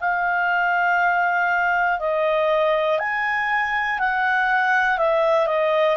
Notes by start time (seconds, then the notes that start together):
0.00 F5
1.99 D#5
2.99 G#5
3.99 F#5
4.98 E5
5.46 D#5